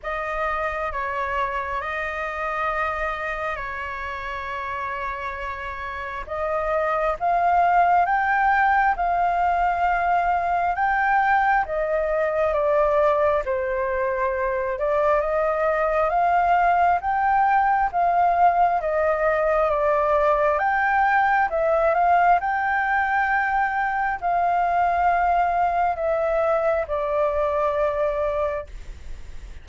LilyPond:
\new Staff \with { instrumentName = "flute" } { \time 4/4 \tempo 4 = 67 dis''4 cis''4 dis''2 | cis''2. dis''4 | f''4 g''4 f''2 | g''4 dis''4 d''4 c''4~ |
c''8 d''8 dis''4 f''4 g''4 | f''4 dis''4 d''4 g''4 | e''8 f''8 g''2 f''4~ | f''4 e''4 d''2 | }